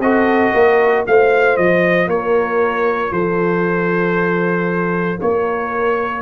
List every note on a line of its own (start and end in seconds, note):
0.00 0.52 C4
0.00 1.06 F#4
0.00 0.54 A4
0.00 1.05 D#5
0.54 1.06 A#3
0.54 1.06 A#4
1.06 1.58 A3
1.06 6.22 F4
1.06 2.11 C5
1.06 1.57 F5
1.57 2.07 F3
1.57 2.09 D#5
2.07 3.11 A#3
2.07 3.13 A#4
2.07 3.13 C#5
3.12 5.19 F3
3.12 5.20 A4
3.12 5.20 C5
5.21 6.22 A#3
5.21 6.22 A#4
5.21 6.22 C#5